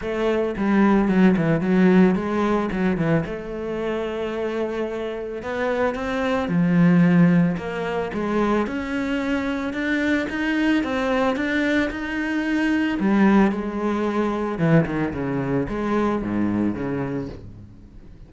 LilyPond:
\new Staff \with { instrumentName = "cello" } { \time 4/4 \tempo 4 = 111 a4 g4 fis8 e8 fis4 | gis4 fis8 e8 a2~ | a2 b4 c'4 | f2 ais4 gis4 |
cis'2 d'4 dis'4 | c'4 d'4 dis'2 | g4 gis2 e8 dis8 | cis4 gis4 gis,4 cis4 | }